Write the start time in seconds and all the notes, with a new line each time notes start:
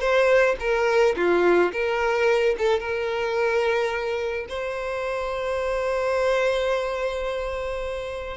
0.00 C5
0.60 A#4
1.16 F4
1.72 A#4
2.58 A4
2.79 A#4
4.48 C5